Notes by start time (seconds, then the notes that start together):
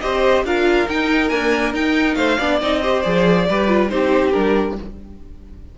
0.00 C4 G4 C5 D#5
0.44 D4 F4 A#4 F5
0.88 D#4 G5
1.29 A#3 D4 G#5
1.73 D#4 G5
2.14 A3 C5 F5
2.38 B3 D4 D5
2.61 C4 D#4 D#5
2.81 G4 C5
3.01 F3 G#4 D5
3.49 G3 G4 B4
3.68 F4
3.89 C4 D#4 G4 C5
4.32 G3 D4 A#4